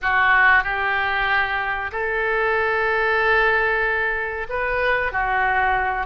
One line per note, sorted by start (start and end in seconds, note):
0.02 0.63 F#4
0.63 1.91 G4
1.91 4.47 A4
4.49 5.12 B4
5.12 6.06 F#4